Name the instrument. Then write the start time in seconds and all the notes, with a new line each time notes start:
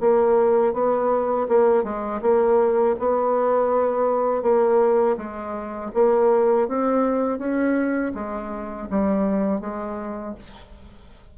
bassoon
0.00 A#3
0.73 B3
1.48 A#3
1.84 G#3
2.22 A#3
2.99 B3
4.42 A#3
5.17 G#3
5.94 A#3
6.68 C4
7.39 C#4
8.14 G#3
8.90 G3
9.61 G#3